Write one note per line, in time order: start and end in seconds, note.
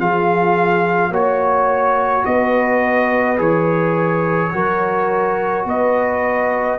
0.00 1.11 F3
0.00 1.13 F4
0.00 1.11 G#4
0.00 1.14 F5
1.11 2.24 A#3
1.11 3.38 F#4
1.11 2.24 C#5
1.11 2.26 C#5
2.26 3.39 B3
2.26 4.55 B4
2.26 3.39 D#5
3.38 4.52 E3
3.38 4.51 G#4
3.38 5.67 C#5
4.53 5.65 F#3
4.53 6.79 F#4
4.53 5.68 A#4
5.65 6.78 B3
5.65 6.80 B4
5.65 6.80 D#5